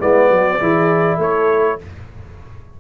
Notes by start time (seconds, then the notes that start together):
0.00 G#3 B3 E4 D5
0.30 F#3 F#4
0.60 E3 E4 G#4
1.18 A3 A4 C#5